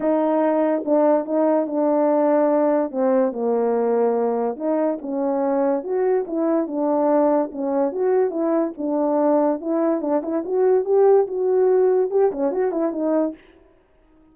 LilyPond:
\new Staff \with { instrumentName = "horn" } { \time 4/4 \tempo 4 = 144 dis'2 d'4 dis'4 | d'2. c'4 | ais2. dis'4 | cis'2 fis'4 e'4 |
d'2 cis'4 fis'4 | e'4 d'2 e'4 | d'8 e'8 fis'4 g'4 fis'4~ | fis'4 g'8 cis'8 fis'8 e'8 dis'4 | }